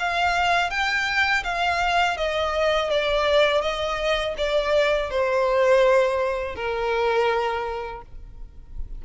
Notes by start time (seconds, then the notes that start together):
0.00 F5
0.71 G5
1.44 F5
2.18 D#5
2.91 D5
3.62 D#5
4.38 D5
5.11 C5
6.56 A#4